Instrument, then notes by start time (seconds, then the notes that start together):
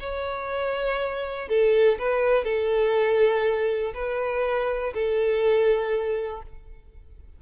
violin
0.00 C#5
1.49 A4
1.99 B4
2.44 A4
3.94 B4
4.94 A4